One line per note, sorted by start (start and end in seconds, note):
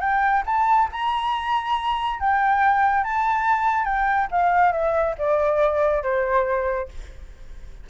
0.00 0.43 G5
0.46 0.89 A5
0.92 2.20 A#5
2.20 3.04 G5
3.04 3.85 A5
3.85 4.27 G5
4.31 4.72 F5
4.72 5.15 E5
5.18 6.03 D5
6.03 6.89 C5